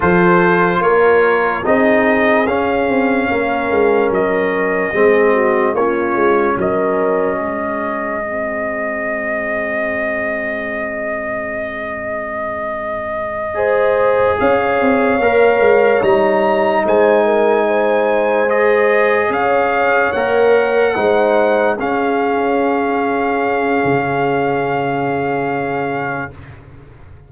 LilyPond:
<<
  \new Staff \with { instrumentName = "trumpet" } { \time 4/4 \tempo 4 = 73 c''4 cis''4 dis''4 f''4~ | f''4 dis''2 cis''4 | dis''1~ | dis''1~ |
dis''4. f''2 ais''8~ | ais''8 gis''2 dis''4 f''8~ | f''8 fis''2 f''4.~ | f''1 | }
  \new Staff \with { instrumentName = "horn" } { \time 4/4 a'4 ais'4 gis'2 | ais'2 gis'8 fis'8 f'4 | ais'4 gis'2.~ | gis'1~ |
gis'8 c''4 cis''2~ cis''8~ | cis''8 c''8 ais'8 c''2 cis''8~ | cis''4. c''4 gis'4.~ | gis'1 | }
  \new Staff \with { instrumentName = "trombone" } { \time 4/4 f'2 dis'4 cis'4~ | cis'2 c'4 cis'4~ | cis'2 c'2~ | c'1~ |
c'8 gis'2 ais'4 dis'8~ | dis'2~ dis'8 gis'4.~ | gis'8 ais'4 dis'4 cis'4.~ | cis'1 | }
  \new Staff \with { instrumentName = "tuba" } { \time 4/4 f4 ais4 c'4 cis'8 c'8 | ais8 gis8 fis4 gis4 ais8 gis8 | fis4 gis2.~ | gis1~ |
gis4. cis'8 c'8 ais8 gis8 g8~ | g8 gis2. cis'8~ | cis'8 ais4 gis4 cis'4.~ | cis'4 cis2. | }
>>